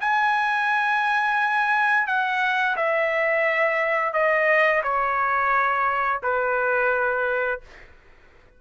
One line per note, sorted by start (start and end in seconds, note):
0.00 2.07 G#5
2.07 2.76 F#5
2.76 4.13 E5
4.13 4.82 D#5
4.83 6.21 C#5
6.23 7.61 B4